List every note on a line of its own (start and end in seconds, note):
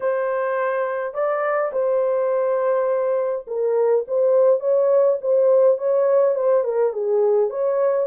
0.00 1.14 C5
1.14 1.71 D5
1.72 3.45 C5
3.47 4.05 A#4
4.07 4.60 C5
4.60 5.17 C#5
5.21 5.78 C5
5.78 6.35 C#5
6.35 6.63 C5
6.63 6.92 A#4
6.93 7.50 G#4
7.50 8.06 C#5